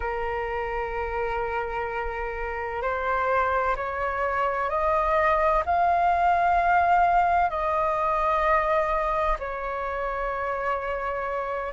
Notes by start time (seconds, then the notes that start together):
0.00 A#4
2.82 C5
3.75 C#5
4.69 D#5
5.65 F5
7.50 D#5
9.39 C#5